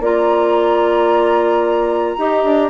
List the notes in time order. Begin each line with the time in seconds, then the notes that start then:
0.00 A#3 F4 D5 A#5
2.18 D#4 G4 D#5
2.44 D4